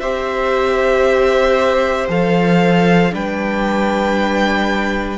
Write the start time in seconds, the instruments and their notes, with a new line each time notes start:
0.00 cello C4, viola G4, violin C5 E5
2.08 cello F3, viola A4, violin F5
3.11 cello G3, viola D4, violin B4 G5